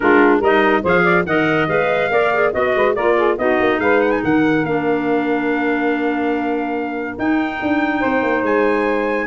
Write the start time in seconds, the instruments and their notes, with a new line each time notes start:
0.00 tuba G#3, clarinet D4, saxophone F4, trumpet A#4
0.39 tuba G3, clarinet D#4, saxophone A#4, trumpet D#5
0.82 tuba F3, clarinet G#4, saxophone C5, trumpet F5
1.03 saxophone D5
1.25 tuba D#3, clarinet A#4, saxophone D#5, trumpet F#5
1.68 tuba G#3, clarinet B4, trumpet F5
2.10 tuba A#3, clarinet A#4, saxophone D5
2.33 clarinet G#4
2.52 tuba B3, clarinet F#4, saxophone D#5, trumpet D#5
2.75 tuba G#3, saxophone B4
2.94 tuba A#3, clarinet F4, saxophone A#4, trumpet D5
3.16 saxophone G#4
3.37 tuba B3, clarinet D#4, saxophone F#4, trumpet D#5
3.60 tuba A#3
3.79 tuba G#3, saxophone B4, trumpet F5
4.00 trumpet F#5
4.11 trumpet G#5
4.22 tuba D#3, saxophone A#4, trumpet F#5
4.63 tuba A#3, clarinet D4, trumpet F5
7.18 tuba D#4, clarinet D#4, trumpet G5
7.61 tuba D4
8.00 tuba C4, saxophone C5
8.22 tuba A#3
8.42 tuba G#3, trumpet G#5